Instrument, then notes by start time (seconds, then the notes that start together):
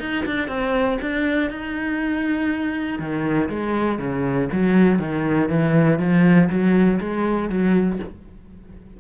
cello
0.00 D#4
0.26 D4
0.48 C4
1.01 D4
1.50 D#4
2.99 D#3
3.50 G#3
3.99 C#3
4.52 F#3
4.99 D#3
5.49 E3
5.99 F3
6.50 F#3
7.00 G#3
7.50 F#3